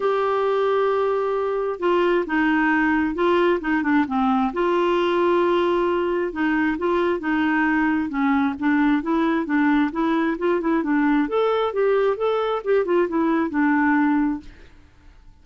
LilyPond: \new Staff \with { instrumentName = "clarinet" } { \time 4/4 \tempo 4 = 133 g'1 | f'4 dis'2 f'4 | dis'8 d'8 c'4 f'2~ | f'2 dis'4 f'4 |
dis'2 cis'4 d'4 | e'4 d'4 e'4 f'8 e'8 | d'4 a'4 g'4 a'4 | g'8 f'8 e'4 d'2 | }